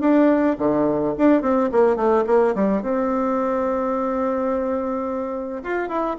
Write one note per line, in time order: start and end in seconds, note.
0.00 0.56 D4
0.58 1.14 D3
1.18 1.41 D4
1.41 1.69 C4
1.72 1.96 A#3
1.96 2.24 A3
2.26 2.54 A#3
2.55 2.82 G3
2.82 5.63 C4
5.63 5.89 F4
5.89 6.17 E4